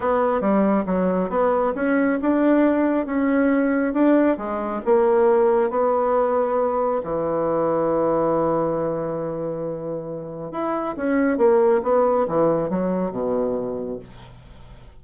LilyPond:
\new Staff \with { instrumentName = "bassoon" } { \time 4/4 \tempo 4 = 137 b4 g4 fis4 b4 | cis'4 d'2 cis'4~ | cis'4 d'4 gis4 ais4~ | ais4 b2. |
e1~ | e1 | e'4 cis'4 ais4 b4 | e4 fis4 b,2 | }